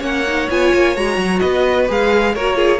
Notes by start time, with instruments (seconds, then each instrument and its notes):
0.00 cello A#3, viola C#4, violin C#5 F#5
0.28 viola D#4
0.50 cello B3, viola F4, violin G#5
0.74 cello A#3
0.95 cello G#3, viola F#4, violin A#5
1.17 cello F#3
1.39 cello B3, violin B4 D#5
1.88 cello G#3, viola G#4, violin F5
2.34 cello A#3, viola F#4, violin A#4 C#5
2.55 viola F4, violin G#4